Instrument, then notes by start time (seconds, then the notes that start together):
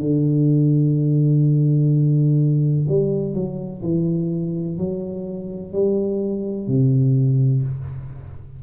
tuba
0.00 D3
2.88 G3
3.34 F#3
3.83 E3
4.78 F#3
5.73 G3
6.67 C3